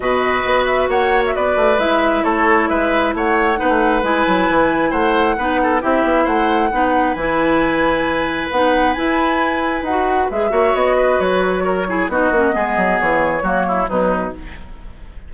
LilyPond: <<
  \new Staff \with { instrumentName = "flute" } { \time 4/4 \tempo 4 = 134 dis''4. e''8 fis''8. e''16 d''4 | e''4 cis''4 e''4 fis''4~ | fis''4 gis''2 fis''4~ | fis''4 e''4 fis''2 |
gis''2. fis''4 | gis''2 fis''4 e''4 | dis''4 cis''2 dis''4~ | dis''4 cis''2 b'4 | }
  \new Staff \with { instrumentName = "oboe" } { \time 4/4 b'2 cis''4 b'4~ | b'4 a'4 b'4 cis''4 | b'2. c''4 | b'8 a'8 g'4 c''4 b'4~ |
b'1~ | b'2.~ b'8 cis''8~ | cis''8 b'4. ais'8 gis'8 fis'4 | gis'2 fis'8 e'8 dis'4 | }
  \new Staff \with { instrumentName = "clarinet" } { \time 4/4 fis'1 | e'1 | dis'4 e'2. | dis'4 e'2 dis'4 |
e'2. dis'4 | e'2 fis'4 gis'8 fis'8~ | fis'2~ fis'8 e'8 dis'8 cis'8 | b2 ais4 fis4 | }
  \new Staff \with { instrumentName = "bassoon" } { \time 4/4 b,4 b4 ais4 b8 a8 | gis4 a4 gis4 a4 | b16 a8. gis8 fis8 e4 a4 | b4 c'8 b8 a4 b4 |
e2. b4 | e'2 dis'4 gis8 ais8 | b4 fis2 b8 ais8 | gis8 fis8 e4 fis4 b,4 | }
>>